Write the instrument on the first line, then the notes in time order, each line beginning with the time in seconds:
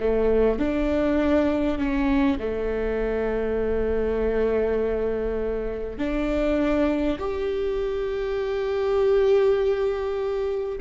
viola
0.00 A3
0.59 D4
1.78 C#4
2.39 A3
5.98 D4
7.18 G4